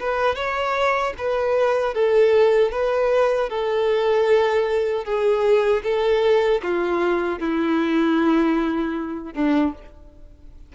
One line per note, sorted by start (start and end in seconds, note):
0.00 0.36 B4
0.36 1.14 C#5
1.18 1.94 B4
1.94 2.72 A4
2.72 3.50 B4
3.50 5.05 A4
5.05 5.83 G#4
5.84 6.62 A4
6.63 7.40 F4
7.40 9.34 E4
9.34 9.73 D4